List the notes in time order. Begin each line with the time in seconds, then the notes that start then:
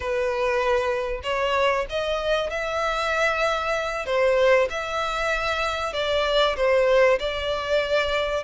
0.00 B4
1.23 C#5
1.89 D#5
2.50 E5
4.06 C5
4.70 E5
5.93 D5
6.56 C5
7.19 D5